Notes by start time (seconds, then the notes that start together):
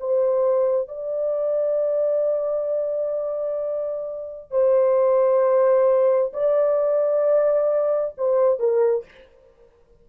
0.00 C5
0.88 D5
4.50 C5
6.33 D5
8.17 C5
8.59 A#4